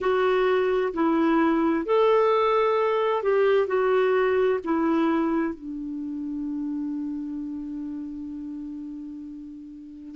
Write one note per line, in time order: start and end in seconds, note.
0.00 0.93 F#4
0.93 1.85 E4
1.85 3.23 A4
3.23 3.67 G4
3.67 4.59 F#4
4.64 5.54 E4
5.54 10.15 D4